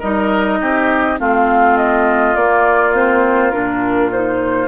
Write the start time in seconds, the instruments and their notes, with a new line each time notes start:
0.00 bassoon G3, clarinet D#4, oboe A#4, flute D#5
0.61 bassoon C4, oboe G4
1.18 bassoon A3, clarinet C4, oboe F4, flute F5
1.77 flute D#5
2.36 bassoon A#3, clarinet A#3, flute D5
2.95 clarinet C4, flute C5
3.51 bassoon A#2, clarinet D4, flute A#4
4.12 clarinet D#4, flute C5